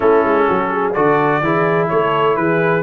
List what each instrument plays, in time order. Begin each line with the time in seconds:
0.00 tuba A3, trombone C#4, horn E4, trumpet A4
0.24 tuba G#3
0.48 tuba F#3, horn F#4
0.71 horn G#4
0.93 tuba D3, trombone F#4, horn A4, trumpet D5
1.41 tuba E3, trombone E4, horn G#4
1.88 tuba A3, horn A4, trumpet C#5
2.35 tuba E3, horn G#4, trumpet B4